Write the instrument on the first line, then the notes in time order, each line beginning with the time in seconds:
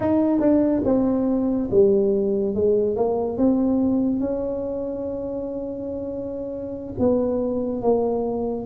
tuba
0.00 D#4
0.40 D4
0.85 C4
1.71 G3
2.54 G#3
2.96 A#3
3.37 C4
4.19 C#4
6.99 B3
7.82 A#3